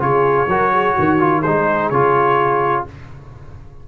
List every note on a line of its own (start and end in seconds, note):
0.00 0.48 C#3
0.00 0.47 F4
0.00 0.49 G#4
0.00 1.43 C#5
0.48 0.95 F#3
0.48 1.19 F#4
0.48 0.72 A#4
0.73 0.94 G#4
0.94 1.46 D#3
0.94 1.41 F#4
1.19 1.43 F4
1.41 1.90 G#3
1.41 1.94 D#4
1.41 2.83 G#4
1.41 1.90 C5
1.90 2.85 C#3
1.90 2.88 F4
1.90 2.85 C#5